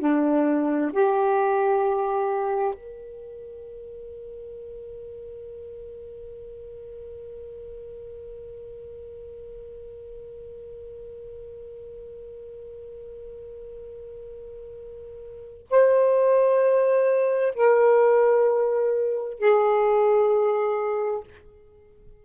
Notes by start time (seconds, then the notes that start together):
0.00 D4
0.93 G4
2.75 A#4
15.70 C5
17.55 A#4
19.39 G#4